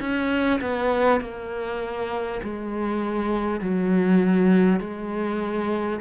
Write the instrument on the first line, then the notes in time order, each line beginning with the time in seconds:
cello
0.00 C#4
0.61 B3
1.21 A#3
2.43 G#3
3.60 F#3
4.79 G#3